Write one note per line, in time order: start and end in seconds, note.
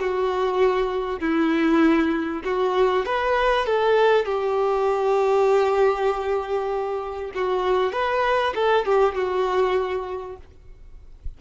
0.00 1.20 F#4
1.20 2.42 E4
2.45 3.06 F#4
3.06 3.66 B4
3.66 4.26 A4
4.26 7.32 G4
7.35 7.93 F#4
7.93 8.54 B4
8.55 8.86 A4
8.86 9.15 G4
9.15 10.37 F#4